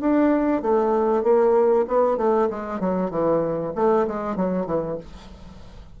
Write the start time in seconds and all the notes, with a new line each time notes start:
0.00 D4
0.61 A3
1.23 A#3
1.87 B3
2.17 A3
2.50 G#3
2.80 F#3
3.10 E3
3.75 A3
4.07 G#3
4.36 F#3
4.65 E3